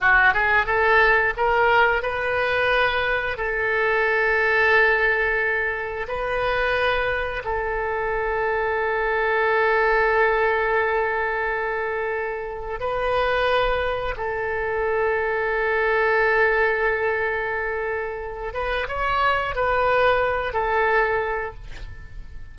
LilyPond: \new Staff \with { instrumentName = "oboe" } { \time 4/4 \tempo 4 = 89 fis'8 gis'8 a'4 ais'4 b'4~ | b'4 a'2.~ | a'4 b'2 a'4~ | a'1~ |
a'2. b'4~ | b'4 a'2.~ | a'2.~ a'8 b'8 | cis''4 b'4. a'4. | }